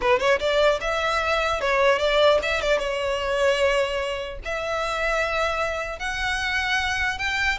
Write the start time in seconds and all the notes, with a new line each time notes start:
0.01 B4
0.19 C#5
0.39 D5
0.80 E5
1.60 C#5
1.99 D5
2.42 E5
2.61 D5
2.78 C#5
4.44 E5
5.99 F#5
7.18 G5